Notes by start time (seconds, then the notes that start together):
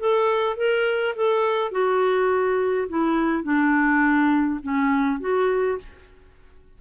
0.00 A4
0.57 A#4
1.16 A4
1.72 F#4
2.89 E4
3.44 D4
4.63 C#4
5.21 F#4